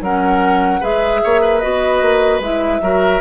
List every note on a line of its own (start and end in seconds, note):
0.00 0.80 F#3
0.00 0.81 C#4
0.00 0.80 A#4
0.00 0.83 F#5
0.80 1.22 G#3
0.80 1.61 G#4
0.80 1.20 B4
0.80 1.60 E5
1.23 1.64 A#3
1.23 1.41 C#5
1.41 2.81 B4
1.60 2.01 B3
1.60 2.41 F#4
1.60 2.40 D#5
2.01 2.40 A#3
2.40 2.80 G#3
2.40 2.82 E4
2.40 3.21 E5
2.81 3.21 F#3
2.81 3.21 F#4
2.81 3.21 A#4